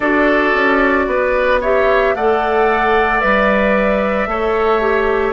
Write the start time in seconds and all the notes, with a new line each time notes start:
0.00 D4 F#4 A4 D5
0.54 C#4
1.07 B3 B4
1.60 G4 C#5 E5
2.15 A3 A4 D5 F#5
3.19 G3 B4 E5
4.26 A3 A4 C#5
4.80 G4